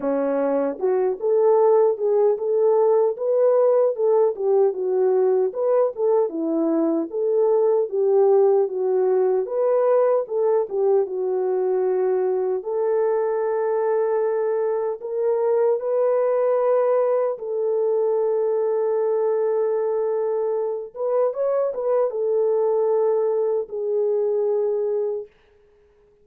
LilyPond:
\new Staff \with { instrumentName = "horn" } { \time 4/4 \tempo 4 = 76 cis'4 fis'8 a'4 gis'8 a'4 | b'4 a'8 g'8 fis'4 b'8 a'8 | e'4 a'4 g'4 fis'4 | b'4 a'8 g'8 fis'2 |
a'2. ais'4 | b'2 a'2~ | a'2~ a'8 b'8 cis''8 b'8 | a'2 gis'2 | }